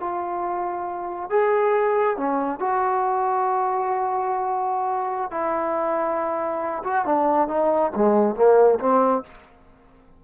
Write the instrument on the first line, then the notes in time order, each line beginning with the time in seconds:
trombone
0.00 F4
1.30 G#4
2.18 C#4
2.60 F#4
5.31 E4
6.84 F#4
7.06 D4
7.48 D#4
7.96 G#3
8.36 A#3
8.80 C4